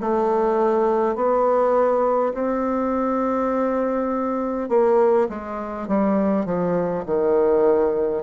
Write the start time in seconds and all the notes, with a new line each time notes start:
0.00 A3
1.16 B3
2.34 C4
4.69 A#3
5.29 G#3
5.88 G3
6.45 F3
7.06 D#3